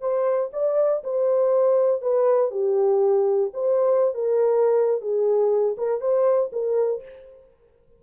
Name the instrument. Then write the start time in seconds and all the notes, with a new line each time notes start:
horn
0.00 C5
0.53 D5
1.03 C5
2.01 B4
2.50 G4
3.53 C5
4.14 A#4
5.01 G#4
5.77 A#4
6.00 C5
6.52 A#4